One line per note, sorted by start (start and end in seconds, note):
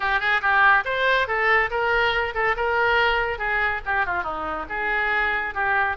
0.00 0.20 G4
0.20 0.41 G#4
0.41 0.84 G4
0.85 1.27 C5
1.27 1.70 A4
1.70 2.34 A#4
2.34 2.55 A4
2.56 3.38 A#4
3.38 3.81 G#4
3.85 4.05 G4
4.05 4.23 F4
4.23 4.65 D#4
4.69 5.54 G#4
5.54 5.96 G4